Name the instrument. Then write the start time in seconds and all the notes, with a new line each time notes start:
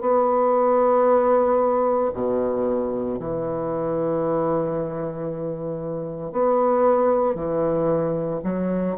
bassoon
0.00 B3
2.13 B2
3.19 E3
6.32 B3
7.34 E3
8.44 F#3